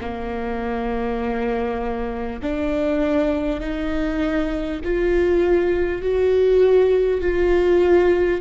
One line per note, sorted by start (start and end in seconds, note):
0.00 2.40 A#3
2.42 3.60 D4
3.60 4.80 D#4
4.84 6.01 F4
6.01 7.21 F#4
7.21 8.41 F4